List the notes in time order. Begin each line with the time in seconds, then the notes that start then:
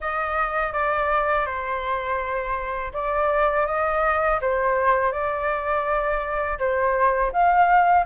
0.00 D#5
0.73 D5
1.46 C5
2.93 D5
3.66 D#5
4.41 C5
5.12 D5
6.59 C5
7.32 F5